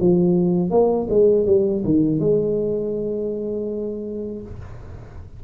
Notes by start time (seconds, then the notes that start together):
0.00 F3
0.70 A#3
1.09 G#3
1.46 G3
1.84 D#3
2.20 G#3